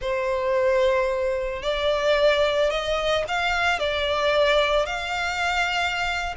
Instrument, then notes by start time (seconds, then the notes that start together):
violin
0.01 C5
1.62 D5
2.70 D#5
3.28 F5
3.79 D5
4.86 F5